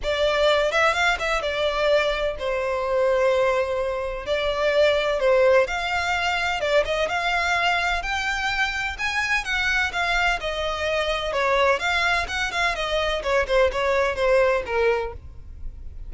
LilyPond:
\new Staff \with { instrumentName = "violin" } { \time 4/4 \tempo 4 = 127 d''4. e''8 f''8 e''8 d''4~ | d''4 c''2.~ | c''4 d''2 c''4 | f''2 d''8 dis''8 f''4~ |
f''4 g''2 gis''4 | fis''4 f''4 dis''2 | cis''4 f''4 fis''8 f''8 dis''4 | cis''8 c''8 cis''4 c''4 ais'4 | }